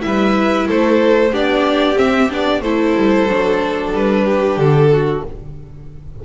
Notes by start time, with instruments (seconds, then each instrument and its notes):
0.00 double bass G3, viola E4, violin E5
0.07 violin B4
0.68 double bass A3, violin A4 C5
1.32 double bass B3, viola D4, violin G4 D5
1.96 viola C4, double bass C4, violin E5
2.30 double bass B3, viola D4, violin D5
2.62 double bass A3, viola E4, violin A4 C5
2.96 double bass G3
3.29 double bass F#3, viola D4
3.92 double bass G3, violin B4
4.25 violin G4
4.57 double bass D3, violin A4
4.93 violin F#4